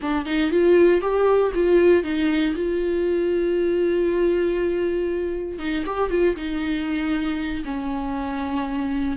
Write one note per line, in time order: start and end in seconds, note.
0.01 0.25 D4
0.25 0.51 D#4
0.51 1.01 F4
1.01 1.51 G4
1.54 2.03 F4
2.03 2.54 D#4
2.55 5.58 F4
5.58 5.84 D#4
5.85 6.10 G4
6.10 6.35 F4
6.36 7.63 D#4
7.64 9.17 C#4